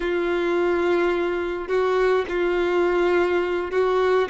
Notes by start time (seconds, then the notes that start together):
0.00 F4
1.68 F#4
2.28 F4
3.71 F#4